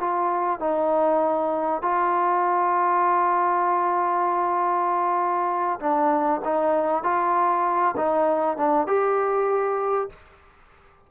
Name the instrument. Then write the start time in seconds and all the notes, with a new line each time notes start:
trombone
0.00 F4
0.60 D#4
1.82 F4
5.80 D4
6.45 D#4
7.04 F4
7.97 D#4
8.57 D4
8.87 G4